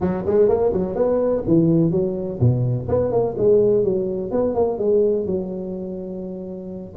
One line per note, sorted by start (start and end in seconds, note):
0.00 0.24 F#3
0.26 0.48 G#3
0.48 0.72 A#3
0.72 0.95 F#3
0.95 1.43 B3
1.47 1.91 E3
1.91 2.39 F#3
2.40 2.88 B2
2.88 3.11 B3
3.11 3.35 A#3
3.37 3.84 G#3
3.84 4.31 F#3
4.31 4.54 B3
4.54 4.78 A#3
4.78 5.26 G#3
5.26 6.94 F#3